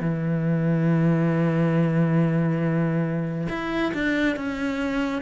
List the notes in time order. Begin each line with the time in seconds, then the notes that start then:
0.00 E3
3.49 E4
3.94 D4
4.36 C#4